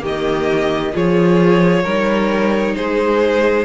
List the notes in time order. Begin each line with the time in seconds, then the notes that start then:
0.00 D#3 A#3 G4
0.06 D#5
0.93 F3 F4 G#4 C#5
1.84 G3 D#4 A#4
2.76 G#3 G#4 C5